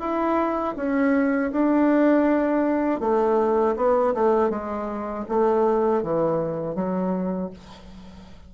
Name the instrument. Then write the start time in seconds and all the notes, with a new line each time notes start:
bassoon
0.00 E4
0.77 C#4
1.52 D4
3.01 A3
3.77 B3
4.14 A3
4.50 G#3
5.29 A3
6.03 E3
6.75 F#3